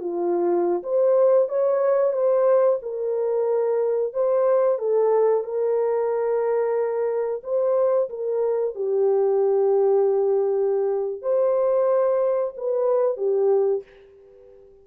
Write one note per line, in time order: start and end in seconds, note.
0.00 0.82 F4
0.83 1.48 C5
1.48 2.13 C#5
2.13 2.79 C5
2.82 4.14 A#4
4.14 4.79 C5
4.79 5.44 A4
5.44 7.42 A#4
7.43 8.09 C5
8.09 8.75 A#4
8.75 11.22 G4
11.22 12.54 C5
12.57 13.17 B4
13.17 13.83 G4